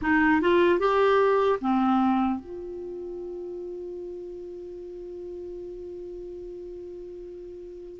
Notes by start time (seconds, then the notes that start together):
0.01 D#4
0.41 F4
0.79 G4
1.60 C4
2.40 F4